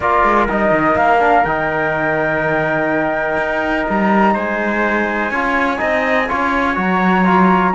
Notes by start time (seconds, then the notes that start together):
0.00 A#3 F4 A#4 D5
0.23 G#3
0.49 G3 D#4 D#5
0.71 D#3
0.95 A#3 F5
1.19 D4
1.44 D#3 D#4 G5
3.37 D#4
3.88 G3 A#5
4.34 G#3 C5 G#5
5.30 C#4 F4 C#5
5.77 C4 D#4 D#5
6.28 C#4 F4 C#5
6.75 F#3 F#4 A#5
7.24 F4